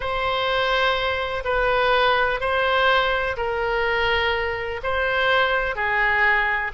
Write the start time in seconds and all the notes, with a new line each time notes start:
0.00 C5
1.44 B4
2.40 C5
3.36 A#4
4.83 C5
5.75 G#4